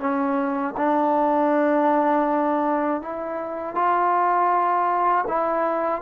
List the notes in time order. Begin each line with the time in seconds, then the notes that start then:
0.00 C#4
0.77 D4
3.02 E4
3.75 F4
5.28 E4